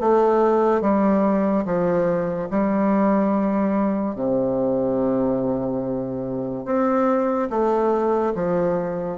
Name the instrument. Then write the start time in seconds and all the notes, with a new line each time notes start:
bassoon
0.00 A3
0.81 G3
1.66 F3
2.51 G3
4.15 C3
6.66 C4
7.50 A3
8.35 F3